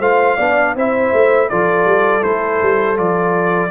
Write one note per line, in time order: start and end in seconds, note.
0.00 0.37 A3
0.00 0.39 F4
0.00 0.36 C5
0.00 0.76 F5
0.36 0.76 B3
0.36 0.77 D4
0.36 0.73 D5
0.76 1.13 C4
0.76 1.51 E4
0.76 1.50 C5
0.76 1.50 E5
1.13 1.50 A3
1.50 1.86 F3
1.50 2.23 F4
1.50 3.71 A4
1.50 2.24 D5
1.86 2.23 G3
2.23 2.61 A3
2.23 2.97 E4
2.23 2.98 C5
2.62 2.99 G3
2.97 3.71 F3
2.97 3.71 F4
2.97 3.71 D5